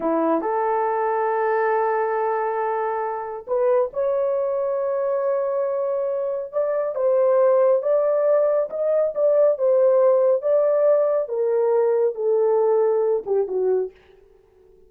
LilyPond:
\new Staff \with { instrumentName = "horn" } { \time 4/4 \tempo 4 = 138 e'4 a'2.~ | a'1 | b'4 cis''2.~ | cis''2. d''4 |
c''2 d''2 | dis''4 d''4 c''2 | d''2 ais'2 | a'2~ a'8 g'8 fis'4 | }